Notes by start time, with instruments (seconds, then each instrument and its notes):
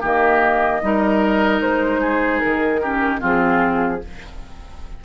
0.00 bassoon D#3, clarinet A#3, oboe G4, flute D#5
0.81 bassoon G3, clarinet D#4, oboe A#4
1.61 bassoon G#3, flute C5
2.00 oboe G#4
2.40 bassoon D#3, flute A#4
2.82 clarinet C#4, oboe G4
3.19 bassoon F3, clarinet C4, oboe F4, flute G#4